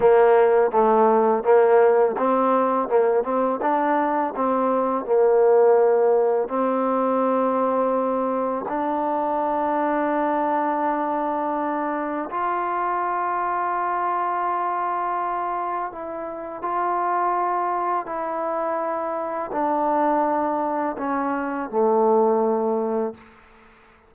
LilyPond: \new Staff \with { instrumentName = "trombone" } { \time 4/4 \tempo 4 = 83 ais4 a4 ais4 c'4 | ais8 c'8 d'4 c'4 ais4~ | ais4 c'2. | d'1~ |
d'4 f'2.~ | f'2 e'4 f'4~ | f'4 e'2 d'4~ | d'4 cis'4 a2 | }